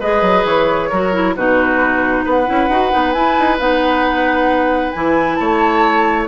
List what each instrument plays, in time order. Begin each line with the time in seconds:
0.00 bassoon G#3, clarinet G#4, oboe B4, flute D#5
0.22 bassoon F#3
0.44 bassoon E3, flute C#5
0.89 bassoon F#3, clarinet F#4, oboe A#4
1.13 clarinet E4
1.36 bassoon B2, clarinet D#4, oboe F#4, flute B4
2.25 bassoon B3, oboe B4, flute F#5
2.46 bassoon C#4, clarinet E4
2.69 bassoon D#4, clarinet F#4
2.91 bassoon B3, clarinet D#4
3.12 bassoon E4, clarinet E4, flute G#5
3.40 bassoon D#4
3.59 bassoon B3, clarinet D#4, flute F#5
4.92 bassoon E3, clarinet E4, flute G#5
5.36 bassoon A3, oboe C#5, flute A5